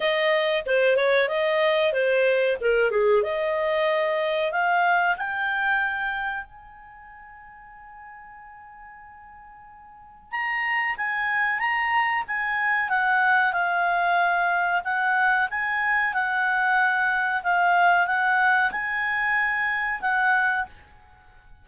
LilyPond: \new Staff \with { instrumentName = "clarinet" } { \time 4/4 \tempo 4 = 93 dis''4 c''8 cis''8 dis''4 c''4 | ais'8 gis'8 dis''2 f''4 | g''2 gis''2~ | gis''1 |
ais''4 gis''4 ais''4 gis''4 | fis''4 f''2 fis''4 | gis''4 fis''2 f''4 | fis''4 gis''2 fis''4 | }